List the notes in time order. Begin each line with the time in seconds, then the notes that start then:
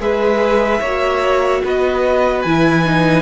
0.00 G#3 G#4 B4 E5
0.81 A#3 F#4 C#5
1.65 B3 B4 D#5
2.42 E3 E4 G#5
2.86 D#4